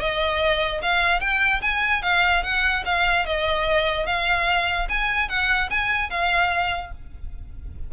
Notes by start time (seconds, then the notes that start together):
0.00 D#5
0.82 F5
1.21 G5
1.62 G#5
2.03 F5
2.44 F#5
2.86 F5
3.26 D#5
4.06 F5
4.90 G#5
5.29 F#5
5.71 G#5
6.10 F5